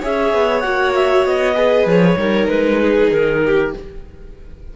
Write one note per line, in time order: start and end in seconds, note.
0.00 0.33 C#4
0.00 0.63 G#4
0.00 1.55 C#5
0.00 0.60 E5
0.33 0.64 B3
0.60 1.26 A#3
0.60 1.55 F#4
0.60 0.91 F#5
0.95 1.26 E5
1.26 1.85 B3
1.26 1.88 D#5
1.55 2.17 G#4
1.55 2.18 B4
1.85 2.16 F3
1.85 2.48 C#5
2.17 2.48 G3
2.17 3.72 D#4
2.17 2.80 A#4
2.48 3.10 G#3
2.48 3.10 B4
2.81 3.43 G#4
3.12 3.74 D#3
3.12 3.74 A#4
3.46 3.77 G4